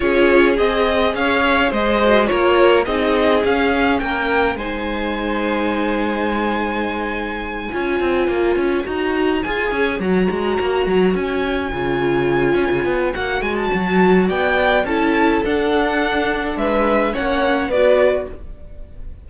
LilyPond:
<<
  \new Staff \with { instrumentName = "violin" } { \time 4/4 \tempo 4 = 105 cis''4 dis''4 f''4 dis''4 | cis''4 dis''4 f''4 g''4 | gis''1~ | gis''2.~ gis''8 ais''8~ |
ais''8 gis''4 ais''2 gis''8~ | gis''2. fis''8 gis''16 a''16~ | a''4 g''4 a''4 fis''4~ | fis''4 e''4 fis''4 d''4 | }
  \new Staff \with { instrumentName = "violin" } { \time 4/4 gis'2 cis''4 c''4 | ais'4 gis'2 ais'4 | c''1~ | c''4. cis''2~ cis''8~ |
cis''1~ | cis''1~ | cis''4 d''4 a'2~ | a'4 b'4 cis''4 b'4 | }
  \new Staff \with { instrumentName = "viola" } { \time 4/4 f'4 gis'2~ gis'8 fis'8 | f'4 dis'4 cis'2 | dis'1~ | dis'4. f'2 fis'8~ |
fis'8 gis'4 fis'2~ fis'8~ | fis'8 f'2~ f'8 fis'4~ | fis'2 e'4 d'4~ | d'2 cis'4 fis'4 | }
  \new Staff \with { instrumentName = "cello" } { \time 4/4 cis'4 c'4 cis'4 gis4 | ais4 c'4 cis'4 ais4 | gis1~ | gis4. cis'8 c'8 ais8 cis'8 dis'8~ |
dis'8 f'8 cis'8 fis8 gis8 ais8 fis8 cis'8~ | cis'8 cis4. cis'16 cis16 b8 ais8 gis8 | fis4 b4 cis'4 d'4~ | d'4 gis4 ais4 b4 | }
>>